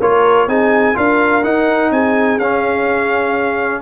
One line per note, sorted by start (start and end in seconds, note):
0.00 0.47 A#3
0.00 0.49 F4
0.00 0.48 A#4
0.00 0.49 C#5
0.47 0.95 C4
0.47 0.94 D#4
0.47 0.95 G#4
0.47 0.97 G#5
0.94 1.44 D4
0.94 1.42 F4
0.94 1.91 A#4
0.94 1.43 F5
1.43 2.39 D#4
1.43 1.91 D#4
1.43 1.91 F#5
1.91 2.38 C4
1.91 3.81 G#4
1.91 2.39 G#5
2.38 3.81 C#4
2.38 3.81 F5